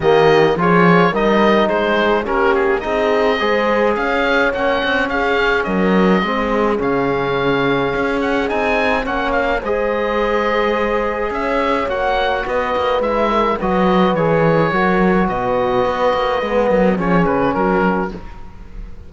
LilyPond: <<
  \new Staff \with { instrumentName = "oboe" } { \time 4/4 \tempo 4 = 106 dis''4 cis''4 dis''4 c''4 | ais'8 gis'8 dis''2 f''4 | fis''4 f''4 dis''2 | f''2~ f''8 fis''8 gis''4 |
fis''8 f''8 dis''2. | e''4 fis''4 dis''4 e''4 | dis''4 cis''2 dis''4~ | dis''2 cis''8 b'8 ais'4 | }
  \new Staff \with { instrumentName = "horn" } { \time 4/4 g'4 gis'4 ais'4 gis'4 | g'4 gis'4 c''4 cis''4~ | cis''4 gis'4 ais'4 gis'4~ | gis'1 |
cis''4 c''2. | cis''2 b'4. ais'8 | b'2 ais'4 b'4~ | b'4. ais'8 gis'4 fis'4 | }
  \new Staff \with { instrumentName = "trombone" } { \time 4/4 ais4 f'4 dis'2 | cis'4 dis'4 gis'2 | cis'2. c'4 | cis'2. dis'4 |
cis'4 gis'2.~ | gis'4 fis'2 e'4 | fis'4 gis'4 fis'2~ | fis'4 b4 cis'2 | }
  \new Staff \with { instrumentName = "cello" } { \time 4/4 dis4 f4 g4 gis4 | ais4 c'4 gis4 cis'4 | ais8 c'8 cis'4 fis4 gis4 | cis2 cis'4 c'4 |
ais4 gis2. | cis'4 ais4 b8 ais8 gis4 | fis4 e4 fis4 b,4 | b8 ais8 gis8 fis8 f8 cis8 fis4 | }
>>